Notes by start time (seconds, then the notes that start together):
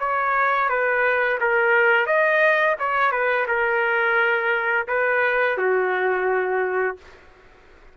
0.00 C#5
0.69 B4
1.41 A#4
2.07 D#5
2.80 C#5
3.12 B4
3.48 A#4
4.88 B4
5.58 F#4